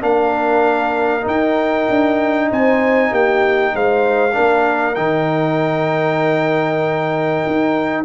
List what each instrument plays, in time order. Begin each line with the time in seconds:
0.00 tuba A#3, trombone D4, horn A#4, trumpet F5
1.21 trombone D#4, tuba D#4
1.28 trumpet G5
1.89 tuba D4
2.51 tuba C4, horn C5, trumpet G#5
3.10 tuba A#3, horn G4, trumpet G5
3.74 tuba G#3, horn C5, trumpet F5
4.33 tuba A#3, trombone D4, horn A#4
4.95 tuba D#3, trombone D#4, trumpet G5
7.46 tuba D#4